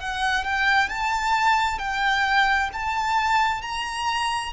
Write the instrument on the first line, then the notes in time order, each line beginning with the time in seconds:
violin
0.00 F#5
0.45 G5
0.89 A5
1.79 G5
2.73 A5
3.62 A#5